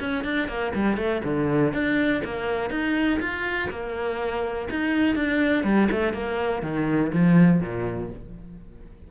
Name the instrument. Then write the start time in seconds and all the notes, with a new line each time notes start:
cello
0.00 C#4
0.24 D4
0.48 A#3
0.75 G3
0.97 A3
1.24 D3
1.73 D4
2.25 A#3
2.70 D#4
3.20 F4
3.70 A#3
4.70 D#4
5.15 D4
5.64 G3
5.92 A3
6.13 A#3
6.62 D#3
7.12 F3
7.61 A#2